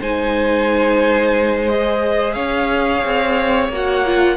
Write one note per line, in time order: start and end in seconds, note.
0.00 2.35 G#3
0.00 1.69 D#4
0.00 2.35 C5
0.00 1.68 G#5
1.68 3.71 G#4
1.68 2.33 D#5
2.33 3.03 C#4
2.33 4.36 C#5
2.33 3.68 F5
3.05 3.69 C4
3.69 4.36 A#3
3.69 4.06 F#4
3.69 4.36 F#5
4.06 4.36 F4